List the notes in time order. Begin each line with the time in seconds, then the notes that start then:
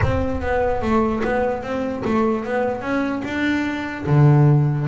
0.02 C4
0.41 B3
0.81 A3
1.24 B3
1.62 C4
2.04 A3
2.44 B3
2.81 C#4
3.24 D4
4.06 D3